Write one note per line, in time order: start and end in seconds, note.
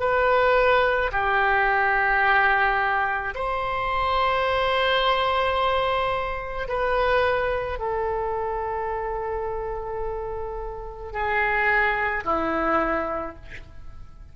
0.00 1.11 B4
1.12 3.34 G4
3.35 6.68 C5
6.69 7.80 B4
7.80 11.13 A4
11.13 12.24 G#4
12.25 13.36 E4